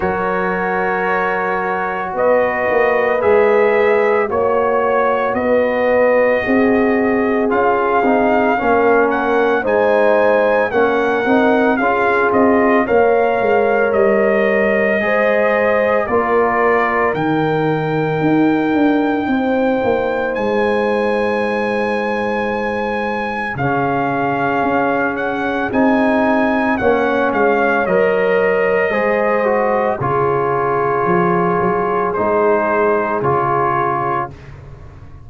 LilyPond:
<<
  \new Staff \with { instrumentName = "trumpet" } { \time 4/4 \tempo 4 = 56 cis''2 dis''4 e''4 | cis''4 dis''2 f''4~ | f''8 fis''8 gis''4 fis''4 f''8 dis''8 | f''4 dis''2 d''4 |
g''2. gis''4~ | gis''2 f''4. fis''8 | gis''4 fis''8 f''8 dis''2 | cis''2 c''4 cis''4 | }
  \new Staff \with { instrumentName = "horn" } { \time 4/4 ais'2 b'2 | cis''4 b'4 gis'2 | ais'4 c''4 ais'4 gis'4 | cis''2 c''4 ais'4~ |
ais'2 c''2~ | c''2 gis'2~ | gis'4 cis''2 c''4 | gis'1 | }
  \new Staff \with { instrumentName = "trombone" } { \time 4/4 fis'2. gis'4 | fis'2. f'8 dis'8 | cis'4 dis'4 cis'8 dis'8 f'4 | ais'2 gis'4 f'4 |
dis'1~ | dis'2 cis'2 | dis'4 cis'4 ais'4 gis'8 fis'8 | f'2 dis'4 f'4 | }
  \new Staff \with { instrumentName = "tuba" } { \time 4/4 fis2 b8 ais8 gis4 | ais4 b4 c'4 cis'8 c'8 | ais4 gis4 ais8 c'8 cis'8 c'8 | ais8 gis8 g4 gis4 ais4 |
dis4 dis'8 d'8 c'8 ais8 gis4~ | gis2 cis4 cis'4 | c'4 ais8 gis8 fis4 gis4 | cis4 f8 fis8 gis4 cis4 | }
>>